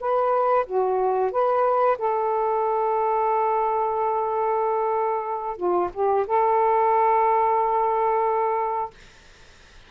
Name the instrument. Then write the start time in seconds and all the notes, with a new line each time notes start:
saxophone
0.00 B4
0.66 F#4
1.31 B4
1.98 A4
5.57 F4
5.93 G4
6.27 A4